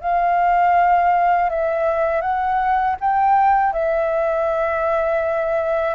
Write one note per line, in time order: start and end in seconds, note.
0.00 1.49 F5
1.49 2.21 E5
2.21 2.96 F#5
3.00 3.73 G5
3.73 5.94 E5